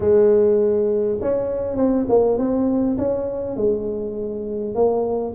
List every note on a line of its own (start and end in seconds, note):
0.00 1.18 G#3
1.21 1.77 C#4
1.77 2.06 C4
2.08 2.38 A#3
2.38 2.97 C4
2.98 3.56 C#4
3.56 4.74 G#3
4.74 5.34 A#3